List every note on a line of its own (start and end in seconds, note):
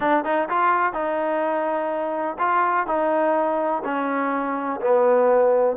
0.00 0.24 D4
0.24 0.48 D#4
0.49 0.93 F4
0.93 2.37 D#4
2.38 2.86 F4
2.86 3.82 D#4
3.84 4.80 C#4
4.80 5.76 B3